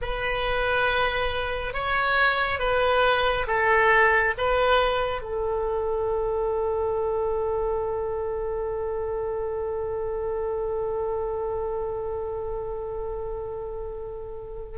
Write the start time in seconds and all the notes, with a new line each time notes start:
0.01 B4
1.73 C#5
2.59 B4
3.47 A4
4.37 B4
5.21 A4